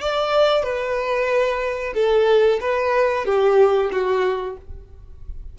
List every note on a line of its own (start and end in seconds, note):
0.00 0.63 D5
0.63 1.93 B4
1.94 2.59 A4
2.60 3.25 B4
3.25 3.90 G4
3.91 4.57 F#4